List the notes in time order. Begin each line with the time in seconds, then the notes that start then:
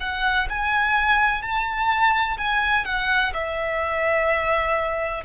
0.00 F#5
0.49 G#5
1.42 A5
2.38 G#5
2.85 F#5
3.33 E5